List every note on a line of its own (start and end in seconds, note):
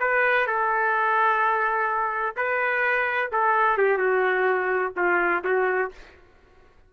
0.00 0.47 B4
0.47 2.36 A4
2.37 3.31 B4
3.32 3.78 A4
3.78 3.98 G4
3.98 4.93 F#4
4.96 5.44 F4
5.44 5.91 F#4